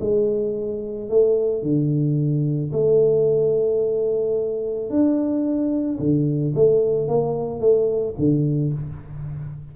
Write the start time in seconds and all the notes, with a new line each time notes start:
0.00 G#3
1.09 A3
1.62 D3
2.72 A3
4.90 D4
5.99 D3
6.55 A3
7.08 A#3
7.60 A3
8.18 D3